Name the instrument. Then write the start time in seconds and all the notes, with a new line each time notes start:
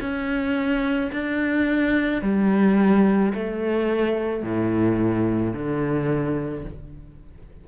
cello
0.00 C#4
1.12 D4
2.22 G3
3.34 A3
4.42 A2
5.53 D3